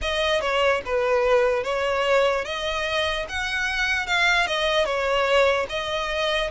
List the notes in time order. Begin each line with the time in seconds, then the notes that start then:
0.01 D#5
0.41 C#5
0.85 B4
1.63 C#5
2.44 D#5
3.28 F#5
4.06 F5
4.46 D#5
4.85 C#5
5.69 D#5